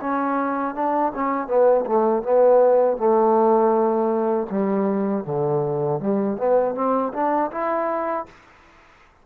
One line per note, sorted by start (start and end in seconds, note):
0.00 0.74 C#4
0.74 1.12 D4
1.15 1.47 C#4
1.47 1.84 B3
1.86 2.22 A3
2.22 2.97 B3
2.97 4.47 A3
4.50 5.24 G3
5.24 5.99 D3
5.99 6.37 G3
6.37 6.74 B3
6.74 7.12 C4
7.13 7.50 D4
7.51 8.26 E4